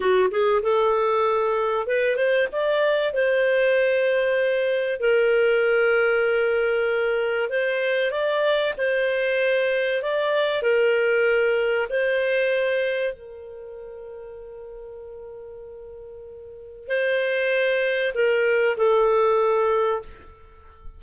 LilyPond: \new Staff \with { instrumentName = "clarinet" } { \time 4/4 \tempo 4 = 96 fis'8 gis'8 a'2 b'8 c''8 | d''4 c''2. | ais'1 | c''4 d''4 c''2 |
d''4 ais'2 c''4~ | c''4 ais'2.~ | ais'2. c''4~ | c''4 ais'4 a'2 | }